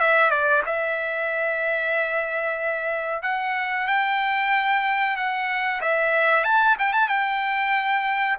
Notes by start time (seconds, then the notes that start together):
0.00 E5
0.30 D5
0.66 E5
3.23 F#5
3.87 G5
5.16 F#5
5.81 E5
6.44 A5
6.79 G5
6.93 A5
7.08 G5